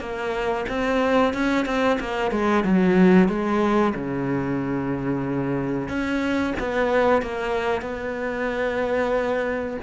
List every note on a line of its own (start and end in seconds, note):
0.00 0.65 A#3
0.69 1.33 C4
1.33 1.66 C#4
1.66 1.98 C4
2.00 2.31 A#3
2.31 2.64 G#3
2.64 3.28 F#3
3.28 3.93 G#3
3.95 5.88 C#3
5.88 6.54 C#4
6.59 7.22 B3
7.22 7.81 A#3
7.81 9.77 B3